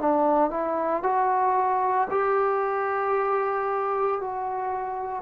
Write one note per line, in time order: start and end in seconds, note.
0.00 0.51 D4
0.51 1.03 E4
1.03 2.09 F#4
2.11 4.21 G4
4.21 5.22 F#4